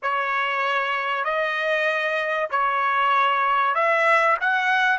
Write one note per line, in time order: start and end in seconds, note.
0.02 1.24 C#5
1.24 2.49 D#5
2.50 3.74 C#5
3.74 4.37 E5
4.40 4.98 F#5